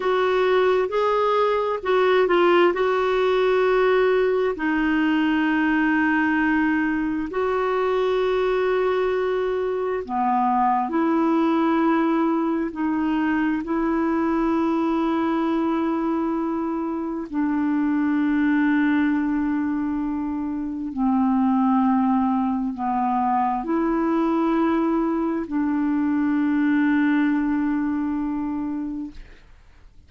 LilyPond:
\new Staff \with { instrumentName = "clarinet" } { \time 4/4 \tempo 4 = 66 fis'4 gis'4 fis'8 f'8 fis'4~ | fis'4 dis'2. | fis'2. b4 | e'2 dis'4 e'4~ |
e'2. d'4~ | d'2. c'4~ | c'4 b4 e'2 | d'1 | }